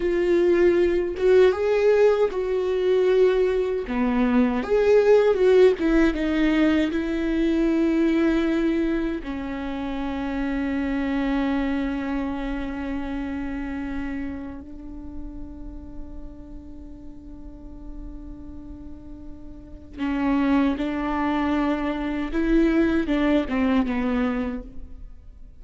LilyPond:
\new Staff \with { instrumentName = "viola" } { \time 4/4 \tempo 4 = 78 f'4. fis'8 gis'4 fis'4~ | fis'4 b4 gis'4 fis'8 e'8 | dis'4 e'2. | cis'1~ |
cis'2. d'4~ | d'1~ | d'2 cis'4 d'4~ | d'4 e'4 d'8 c'8 b4 | }